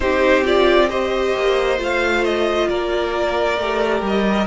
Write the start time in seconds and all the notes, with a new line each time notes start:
0.00 C4 D#4 G4 C5
0.44 F4 D5
0.89 G4 C5 D#5
1.35 A#3
1.77 A3 F4 F5
2.24 D#5
2.68 A#3 A#4 D5
3.57 A3 G4
4.01 G3 D#5